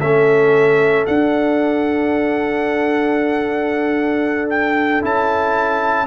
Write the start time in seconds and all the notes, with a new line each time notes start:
0.00 A3 C#4 A4 E5
1.06 D4 F#5
4.50 G5
5.01 C#4 E4 A5